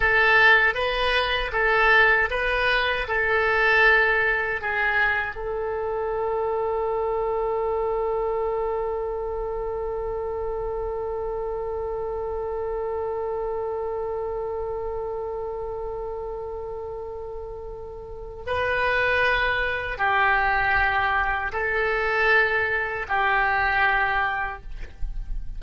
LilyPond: \new Staff \with { instrumentName = "oboe" } { \time 4/4 \tempo 4 = 78 a'4 b'4 a'4 b'4 | a'2 gis'4 a'4~ | a'1~ | a'1~ |
a'1~ | a'1 | b'2 g'2 | a'2 g'2 | }